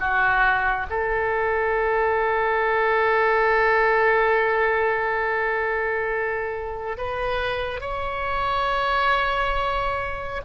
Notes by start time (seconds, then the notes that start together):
0.00 F#4
0.90 A4
6.97 B4
7.81 C#5